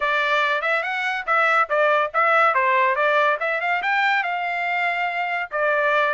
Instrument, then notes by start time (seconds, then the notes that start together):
trumpet
0.00 D5
0.61 E5
0.82 F#5
1.26 E5
1.69 D5
2.13 E5
2.54 C5
2.95 D5
3.40 E5
3.60 F5
3.82 G5
4.23 F5
5.51 D5